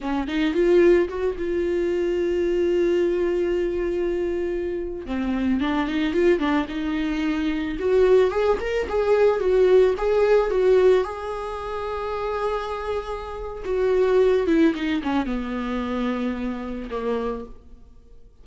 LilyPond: \new Staff \with { instrumentName = "viola" } { \time 4/4 \tempo 4 = 110 cis'8 dis'8 f'4 fis'8 f'4.~ | f'1~ | f'4~ f'16 c'4 d'8 dis'8 f'8 d'16~ | d'16 dis'2 fis'4 gis'8 ais'16~ |
ais'16 gis'4 fis'4 gis'4 fis'8.~ | fis'16 gis'2.~ gis'8.~ | gis'4 fis'4. e'8 dis'8 cis'8 | b2. ais4 | }